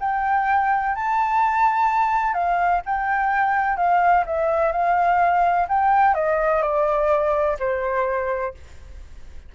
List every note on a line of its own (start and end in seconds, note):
0.00 0.95 G5
0.95 2.33 A5
2.33 2.81 F5
2.85 3.77 G5
3.77 4.24 F5
4.26 4.72 E5
4.72 5.67 F5
5.68 6.14 G5
6.14 6.62 D#5
6.62 7.57 D5
7.59 8.54 C5